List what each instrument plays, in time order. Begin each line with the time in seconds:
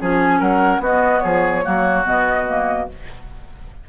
0.00 bassoon F3, clarinet C#4, oboe G#4, flute G#5
0.40 bassoon F#3, oboe A#4, flute F#5
0.79 bassoon B3, clarinet B3, oboe F#4, flute D#5
1.19 bassoon F3, oboe G#4, flute C#5
1.63 bassoon F#3, clarinet A#3, oboe F#4
2.04 bassoon B2, clarinet B3, flute D#5
2.47 clarinet A#3